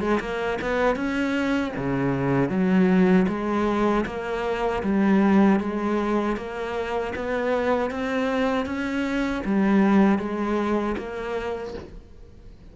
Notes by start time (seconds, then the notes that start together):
0.00 G#3
0.20 A#3
0.62 B3
0.96 C#4
1.77 C#3
2.49 F#3
3.28 G#3
4.06 A#3
4.83 G3
5.59 G#3
6.36 A#3
7.15 B3
7.91 C4
8.65 C#4
9.45 G3
10.19 G#3
10.97 A#3